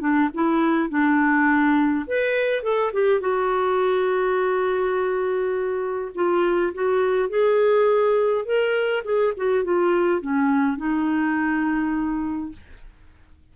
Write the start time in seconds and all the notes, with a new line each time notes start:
0.00 D4
0.34 E4
0.89 D4
2.07 B4
2.63 A4
2.93 G4
3.20 F#4
6.15 F4
6.74 F#4
7.29 G#4
8.45 A#4
9.04 G#4
9.37 F#4
9.64 F4
10.21 C#4
10.77 D#4